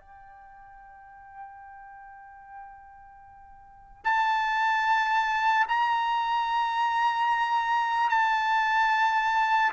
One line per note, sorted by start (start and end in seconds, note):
0.00 4.04 G5
4.04 5.66 A5
5.68 8.09 A#5
8.09 9.71 A5